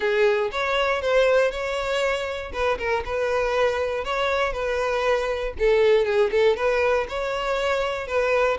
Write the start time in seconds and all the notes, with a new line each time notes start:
0.00 G#4
0.51 C#5
1.01 C5
1.51 C#5
2.52 B4
2.78 A#4
3.05 B4
4.04 C#5
4.52 B4
5.58 A4
6.05 G#4
6.31 A4
6.56 B4
7.08 C#5
8.07 B4